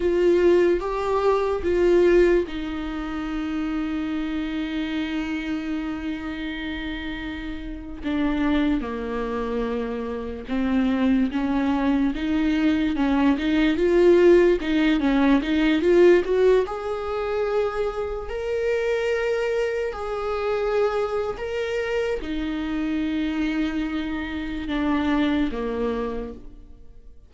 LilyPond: \new Staff \with { instrumentName = "viola" } { \time 4/4 \tempo 4 = 73 f'4 g'4 f'4 dis'4~ | dis'1~ | dis'4.~ dis'16 d'4 ais4~ ais16~ | ais8. c'4 cis'4 dis'4 cis'16~ |
cis'16 dis'8 f'4 dis'8 cis'8 dis'8 f'8 fis'16~ | fis'16 gis'2 ais'4.~ ais'16~ | ais'16 gis'4.~ gis'16 ais'4 dis'4~ | dis'2 d'4 ais4 | }